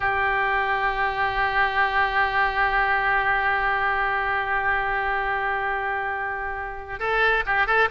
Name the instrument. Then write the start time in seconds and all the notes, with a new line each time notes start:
oboe
0.00 G4
6.99 A4
7.46 G4
7.66 A4